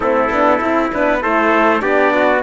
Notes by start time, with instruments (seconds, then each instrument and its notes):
0.00 cello A3, horn C4, trumpet E4 A4
0.29 cello B3, horn D4
0.60 cello C4, horn E4
0.93 cello B3, horn D4, trumpet B4
1.21 cello A3, horn E4, trumpet A4 C5
1.79 cello B3, horn D4, trumpet G4 D5
2.14 trumpet F#4